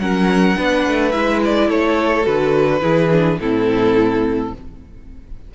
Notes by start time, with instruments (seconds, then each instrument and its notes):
0.00 cello F#3, viola C#4, violin A#4 F#5
0.56 cello B3, viola D4, violin B4
0.87 cello A3
1.12 cello G#3, viola E4, violin E5
1.45 violin D5
1.69 cello A3, violin A4 C#5
2.23 cello D3, viola F#4, violin B4
2.81 cello E3, viola E4, violin G#4
3.12 viola D4
3.40 cello A2, viola C4, violin E4 A4